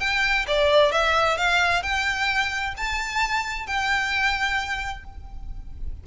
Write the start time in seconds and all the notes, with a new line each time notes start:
0.00 G5
0.48 D5
0.92 E5
1.38 F5
1.83 G5
2.77 A5
3.67 G5